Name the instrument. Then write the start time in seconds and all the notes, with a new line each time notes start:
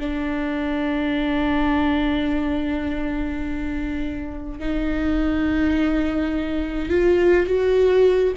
viola
0.00 D4
4.60 D#4
6.90 F4
7.47 F#4